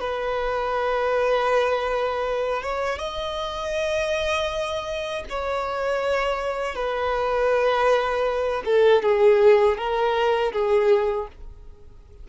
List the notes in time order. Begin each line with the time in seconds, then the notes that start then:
0.00 B4
2.63 C#5
2.99 D#5
5.29 C#5
6.75 B4
8.65 A4
9.03 G#4
9.77 A#4
10.52 G#4